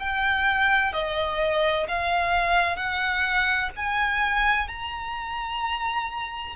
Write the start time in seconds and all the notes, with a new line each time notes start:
0.00 G5
0.93 D#5
1.88 F5
2.77 F#5
3.77 G#5
4.69 A#5